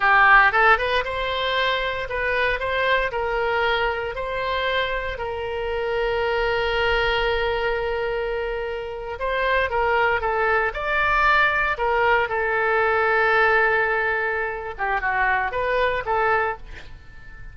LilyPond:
\new Staff \with { instrumentName = "oboe" } { \time 4/4 \tempo 4 = 116 g'4 a'8 b'8 c''2 | b'4 c''4 ais'2 | c''2 ais'2~ | ais'1~ |
ais'4.~ ais'16 c''4 ais'4 a'16~ | a'8. d''2 ais'4 a'16~ | a'1~ | a'8 g'8 fis'4 b'4 a'4 | }